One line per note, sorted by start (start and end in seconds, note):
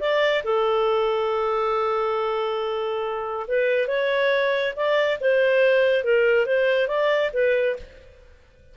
0.00 0.43 D5
0.45 3.47 A4
3.48 3.88 B4
3.88 4.74 C#5
4.76 5.19 D5
5.21 6.04 C5
6.04 6.46 A#4
6.46 6.88 C5
6.88 7.31 D5
7.34 7.77 B4